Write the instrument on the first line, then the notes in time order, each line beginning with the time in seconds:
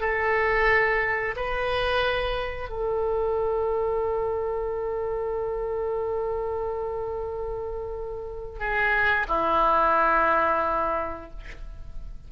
oboe
0.00 A4
1.36 B4
2.69 A4
8.59 G#4
9.28 E4